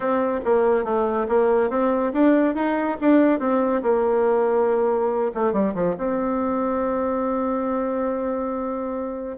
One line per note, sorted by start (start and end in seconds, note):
0.00 0.40 C4
0.44 0.84 A#3
0.84 1.26 A3
1.28 1.69 A#3
1.69 2.12 C4
2.13 2.54 D4
2.54 2.97 D#4
3.01 3.39 D4
3.39 3.82 C4
3.82 5.31 A#3
5.34 5.52 A3
5.52 5.74 G3
5.74 5.95 F3
5.97 9.37 C4